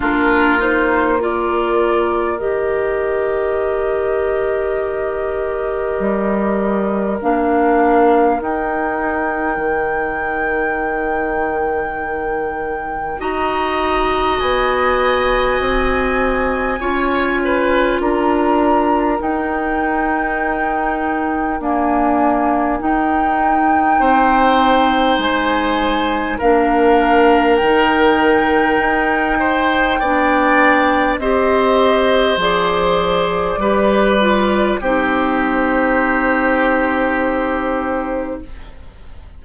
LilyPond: <<
  \new Staff \with { instrumentName = "flute" } { \time 4/4 \tempo 4 = 50 ais'8 c''8 d''4 dis''2~ | dis''2 f''4 g''4~ | g''2. ais''4 | gis''2. ais''4 |
g''2 gis''4 g''4~ | g''4 gis''4 f''4 g''4~ | g''2 dis''4 d''4~ | d''4 c''2. | }
  \new Staff \with { instrumentName = "oboe" } { \time 4/4 f'4 ais'2.~ | ais'1~ | ais'2. dis''4~ | dis''2 cis''8 b'8 ais'4~ |
ais'1 | c''2 ais'2~ | ais'8 c''8 d''4 c''2 | b'4 g'2. | }
  \new Staff \with { instrumentName = "clarinet" } { \time 4/4 d'8 dis'8 f'4 g'2~ | g'2 d'4 dis'4~ | dis'2. fis'4~ | fis'2 f'2 |
dis'2 ais4 dis'4~ | dis'2 d'4 dis'4~ | dis'4 d'4 g'4 gis'4 | g'8 f'8 dis'2. | }
  \new Staff \with { instrumentName = "bassoon" } { \time 4/4 ais2 dis2~ | dis4 g4 ais4 dis'4 | dis2. dis'4 | b4 c'4 cis'4 d'4 |
dis'2 d'4 dis'4 | c'4 gis4 ais4 dis4 | dis'4 b4 c'4 f4 | g4 c'2. | }
>>